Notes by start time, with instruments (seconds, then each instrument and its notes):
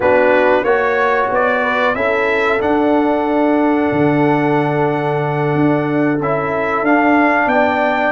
0.00 tuba B3, trombone D4, horn F#4, trumpet B4
0.63 tuba A#3, trombone F#4, horn C#5, trumpet C#5
1.30 tuba B3, trumpet D5
1.62 horn B4
1.95 tuba C#4, trombone E4, horn A4, trumpet E5
2.59 trombone D4, tuba D4, trumpet F#5
3.91 tuba D3
5.54 tuba D4
6.19 tuba C#4, trombone E4, trumpet E5
6.82 tuba D4, trombone D4, trumpet F5
7.46 tuba B3, horn D5, trumpet G5